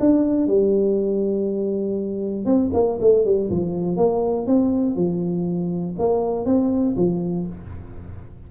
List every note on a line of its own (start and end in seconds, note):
0.00 0.47 D4
0.47 2.45 G3
2.45 2.70 C4
2.74 2.99 A#3
3.01 3.25 A3
3.25 3.50 G3
3.50 3.97 F3
3.97 4.47 A#3
4.47 4.96 C4
4.96 5.96 F3
5.99 6.46 A#3
6.46 6.96 C4
6.97 7.47 F3